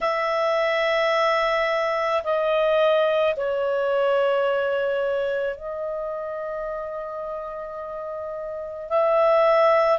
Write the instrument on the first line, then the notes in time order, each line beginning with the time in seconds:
clarinet
0.00 E5
2.23 D#5
3.36 C#5
5.56 D#5
8.89 E5